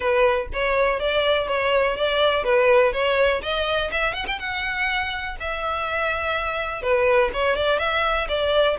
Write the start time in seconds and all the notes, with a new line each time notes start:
0.00 B4
0.53 C#5
0.99 D5
1.47 C#5
1.96 D5
2.44 B4
2.92 C#5
3.42 D#5
3.91 E5
4.13 F#5
4.27 G5
4.39 F#5
5.40 E5
6.82 B4
7.33 C#5
7.55 D5
7.78 E5
8.28 D5